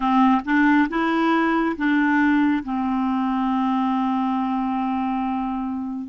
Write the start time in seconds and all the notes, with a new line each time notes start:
0.00 C4
0.44 D4
0.89 E4
1.76 D4
2.64 C4